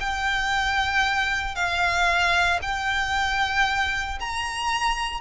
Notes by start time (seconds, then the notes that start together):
0.00 G5
1.55 F5
2.62 G5
4.20 A#5